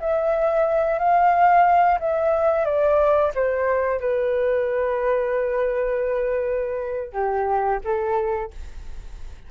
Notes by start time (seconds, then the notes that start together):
0.00 E5
0.99 F5
2.00 E5
2.65 D5
3.35 C5
4.00 B4
7.13 G4
7.84 A4